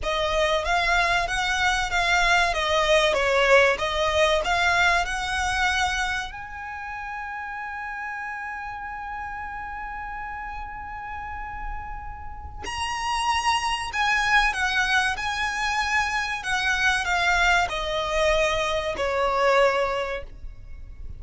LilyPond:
\new Staff \with { instrumentName = "violin" } { \time 4/4 \tempo 4 = 95 dis''4 f''4 fis''4 f''4 | dis''4 cis''4 dis''4 f''4 | fis''2 gis''2~ | gis''1~ |
gis''1 | ais''2 gis''4 fis''4 | gis''2 fis''4 f''4 | dis''2 cis''2 | }